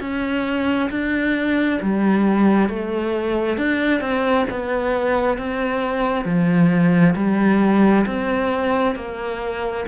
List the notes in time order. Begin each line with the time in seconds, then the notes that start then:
0.00 C#4
0.90 D4
1.82 G3
2.69 A3
3.57 D4
4.01 C4
4.50 B3
5.38 C4
6.25 F3
7.16 G3
8.06 C4
8.96 A#3